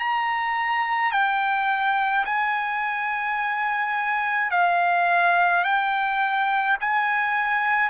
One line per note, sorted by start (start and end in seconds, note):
0.00 1.12 A#5
1.12 2.25 G5
2.25 4.51 G#5
4.51 5.64 F5
5.64 6.78 G5
6.81 7.90 G#5